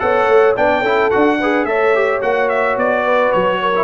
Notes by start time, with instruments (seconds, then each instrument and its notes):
0.00 tuba B3, trombone A4, horn C#5, trumpet F#5
0.28 tuba A3
0.57 tuba B3, trombone D4, horn D5, trumpet G5
0.82 tuba C#4, trombone E4, horn A4
1.11 tuba D4, trombone F#4, trumpet F#5
1.40 trombone G#4, horn B4
1.66 tuba A3, trombone A4, horn C#5, trumpet E5
1.95 trombone G4
2.21 tuba A#3, trombone F#4, trumpet F#5
2.49 trumpet E5
2.77 tuba B3, trumpet D5
3.04 horn B4
3.33 tuba F#3, trumpet C#5
3.62 horn A#4
3.76 trombone E4